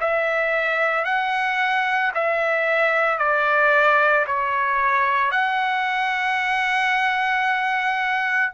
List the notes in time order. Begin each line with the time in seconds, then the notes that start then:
0.00 E5
1.04 F#5
2.14 E5
3.18 D5
4.26 C#5
5.31 F#5